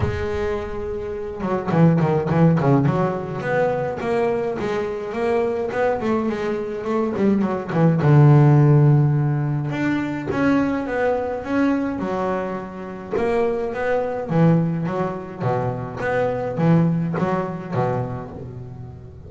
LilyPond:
\new Staff \with { instrumentName = "double bass" } { \time 4/4 \tempo 4 = 105 gis2~ gis8 fis8 e8 dis8 | e8 cis8 fis4 b4 ais4 | gis4 ais4 b8 a8 gis4 | a8 g8 fis8 e8 d2~ |
d4 d'4 cis'4 b4 | cis'4 fis2 ais4 | b4 e4 fis4 b,4 | b4 e4 fis4 b,4 | }